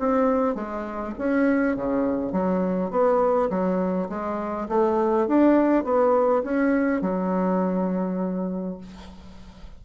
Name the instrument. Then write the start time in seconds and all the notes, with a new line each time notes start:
bassoon
0.00 C4
0.55 G#3
1.19 C#4
1.76 C#3
2.33 F#3
2.91 B3
3.50 F#3
4.10 G#3
4.69 A3
5.28 D4
5.84 B3
6.44 C#4
7.02 F#3